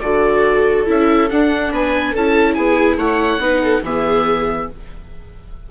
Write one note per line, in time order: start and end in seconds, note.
0.00 0.87 D3
0.00 0.86 F#4
0.00 1.71 A4
0.00 0.85 D5
0.86 1.30 C#4
0.86 1.28 E4
0.86 1.30 E5
1.30 1.72 D4
1.30 2.16 D4
1.30 1.72 F#5
1.71 2.14 B3
1.71 2.12 B4
1.71 2.16 G#5
2.12 2.57 C#4
2.12 3.41 E4
2.12 2.54 A4
2.12 2.54 A5
2.54 2.97 B3
2.54 2.98 G#4
2.54 2.97 G#5
2.97 3.39 A3
2.97 3.40 C#5
2.97 3.84 F#5
3.39 3.81 B3
3.39 3.83 D#4
3.39 3.63 B4
3.63 3.84 A4
3.83 4.67 E3
3.83 4.71 B3
3.83 4.70 G#4
3.83 4.69 E5